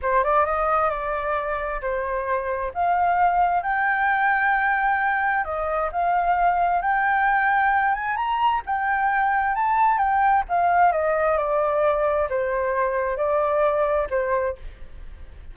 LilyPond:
\new Staff \with { instrumentName = "flute" } { \time 4/4 \tempo 4 = 132 c''8 d''8 dis''4 d''2 | c''2 f''2 | g''1 | dis''4 f''2 g''4~ |
g''4. gis''8 ais''4 g''4~ | g''4 a''4 g''4 f''4 | dis''4 d''2 c''4~ | c''4 d''2 c''4 | }